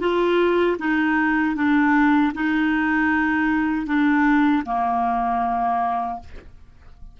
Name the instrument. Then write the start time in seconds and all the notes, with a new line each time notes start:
clarinet
0.00 F4
0.79 D#4
1.55 D4
2.34 D#4
3.86 D4
4.66 A#3